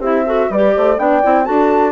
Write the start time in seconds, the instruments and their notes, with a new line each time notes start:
0.00 bassoon C4, clarinet E4, horn G4, flute E5
0.26 clarinet F#4, horn A4
0.50 bassoon G3, clarinet G4, horn B4, flute D5
0.76 bassoon A3, horn C5
0.98 bassoon B3, clarinet D4, horn D5, flute G5
1.23 bassoon C4, clarinet E4
1.45 bassoon D4, clarinet F#4, horn A4, flute A5